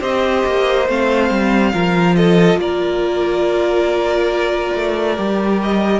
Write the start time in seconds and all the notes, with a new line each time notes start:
0.00 C4 G4 C5 D#5
0.46 A#3
0.89 A3 C4 F5
1.30 G3
1.73 F3 F4 A#4
2.16 A4 D#5
2.56 A#3 A#4 D5
4.75 A3
5.16 G3 G4
5.62 D#5